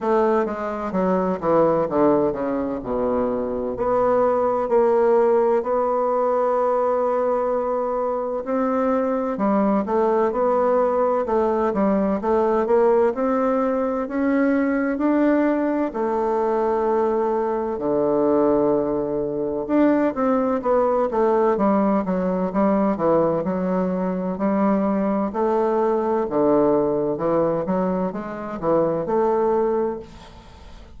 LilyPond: \new Staff \with { instrumentName = "bassoon" } { \time 4/4 \tempo 4 = 64 a8 gis8 fis8 e8 d8 cis8 b,4 | b4 ais4 b2~ | b4 c'4 g8 a8 b4 | a8 g8 a8 ais8 c'4 cis'4 |
d'4 a2 d4~ | d4 d'8 c'8 b8 a8 g8 fis8 | g8 e8 fis4 g4 a4 | d4 e8 fis8 gis8 e8 a4 | }